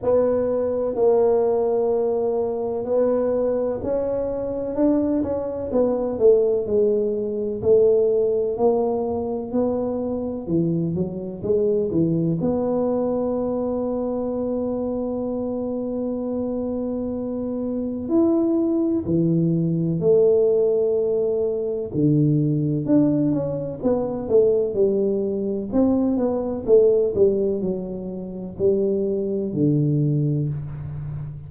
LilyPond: \new Staff \with { instrumentName = "tuba" } { \time 4/4 \tempo 4 = 63 b4 ais2 b4 | cis'4 d'8 cis'8 b8 a8 gis4 | a4 ais4 b4 e8 fis8 | gis8 e8 b2.~ |
b2. e'4 | e4 a2 d4 | d'8 cis'8 b8 a8 g4 c'8 b8 | a8 g8 fis4 g4 d4 | }